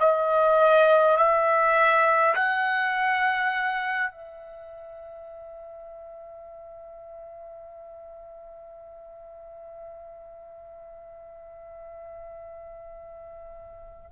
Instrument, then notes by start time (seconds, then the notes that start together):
trumpet
0.00 D#5
1.17 E5
2.35 F#5
4.11 E5